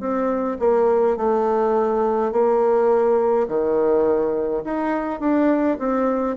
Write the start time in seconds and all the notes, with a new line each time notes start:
0.00 C4
0.59 A#3
1.17 A3
2.32 A#3
3.48 D#3
4.65 D#4
5.20 D4
5.79 C4